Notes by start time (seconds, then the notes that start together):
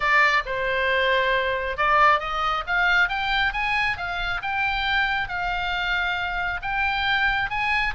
0.00 D5
0.45 C5
1.77 D5
2.19 D#5
2.66 F5
3.08 G5
3.53 G#5
3.97 F5
4.42 G5
5.28 F5
6.62 G5
7.50 G#5